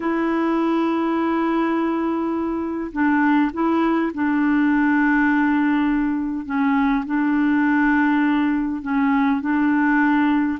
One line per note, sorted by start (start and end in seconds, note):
0.00 2.91 E4
2.92 3.51 D4
3.53 4.12 E4
4.13 6.45 D4
6.45 7.04 C#4
7.05 8.82 D4
8.82 9.40 C#4
9.41 10.58 D4